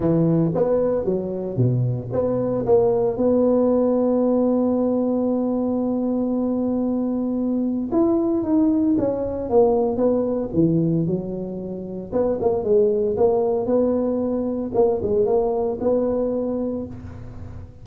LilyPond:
\new Staff \with { instrumentName = "tuba" } { \time 4/4 \tempo 4 = 114 e4 b4 fis4 b,4 | b4 ais4 b2~ | b1~ | b2. e'4 |
dis'4 cis'4 ais4 b4 | e4 fis2 b8 ais8 | gis4 ais4 b2 | ais8 gis8 ais4 b2 | }